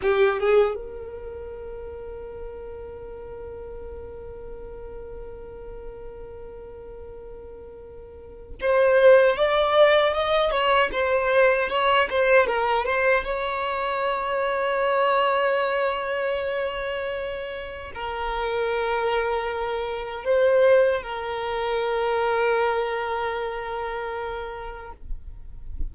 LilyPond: \new Staff \with { instrumentName = "violin" } { \time 4/4 \tempo 4 = 77 g'8 gis'8 ais'2.~ | ais'1~ | ais'2. c''4 | d''4 dis''8 cis''8 c''4 cis''8 c''8 |
ais'8 c''8 cis''2.~ | cis''2. ais'4~ | ais'2 c''4 ais'4~ | ais'1 | }